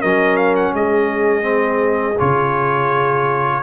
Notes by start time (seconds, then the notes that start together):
0.00 F#3 C#4 A#4 D#5
0.37 F5
0.56 F#5
0.74 G#3 G#4 D#5
1.42 C4
2.19 C#3 F4 C#5